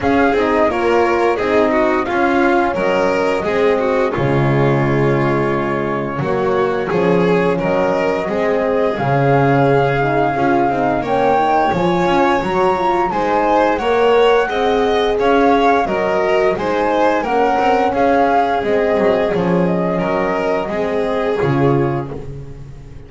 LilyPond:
<<
  \new Staff \with { instrumentName = "flute" } { \time 4/4 \tempo 4 = 87 f''8 dis''8 cis''4 dis''4 f''4 | dis''2 cis''2~ | cis''2. dis''4~ | dis''4 f''2. |
g''4 gis''4 ais''4 gis''4 | fis''2 f''4 dis''4 | gis''4 fis''4 f''4 dis''4 | cis''8 dis''2~ dis''8 cis''4 | }
  \new Staff \with { instrumentName = "violin" } { \time 4/4 gis'4 ais'4 gis'8 fis'8 f'4 | ais'4 gis'8 fis'8 f'2~ | f'4 fis'4 gis'4 ais'4 | gis'1 |
cis''2. c''4 | cis''4 dis''4 cis''4 ais'4 | c''4 ais'4 gis'2~ | gis'4 ais'4 gis'2 | }
  \new Staff \with { instrumentName = "horn" } { \time 4/4 cis'8 dis'8 f'4 dis'4 cis'4~ | cis'4 c'4 gis2~ | gis4 ais4 cis'2 | c'4 cis'4. dis'8 f'8 dis'8 |
cis'8 dis'8 f'4 fis'8 f'8 dis'4 | ais'4 gis'2 fis'4 | dis'4 cis'2 c'4 | cis'2 c'4 f'4 | }
  \new Staff \with { instrumentName = "double bass" } { \time 4/4 cis'8 c'8 ais4 c'4 cis'4 | fis4 gis4 cis2~ | cis4 fis4 f4 fis4 | gis4 cis2 cis'8 c'8 |
ais4 f8 cis'8 fis4 gis4 | ais4 c'4 cis'4 fis4 | gis4 ais8 c'8 cis'4 gis8 fis8 | f4 fis4 gis4 cis4 | }
>>